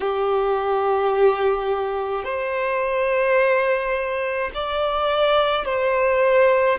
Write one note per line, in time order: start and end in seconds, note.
0.00 2.24 G4
2.24 4.50 C5
4.54 5.64 D5
5.64 6.78 C5